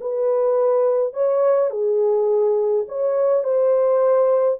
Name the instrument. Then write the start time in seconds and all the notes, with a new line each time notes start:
horn
0.00 B4
1.13 C#5
1.70 G#4
2.88 C#5
3.43 C5